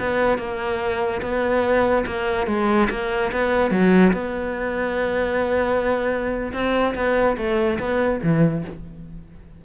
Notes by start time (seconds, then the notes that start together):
0.00 B3
0.38 A#3
1.22 B3
2.06 A#3
2.47 G#3
2.90 A#3
3.32 B3
3.71 F#3
4.13 B3
6.53 C4
6.95 B3
7.37 A3
7.80 B3
8.23 E3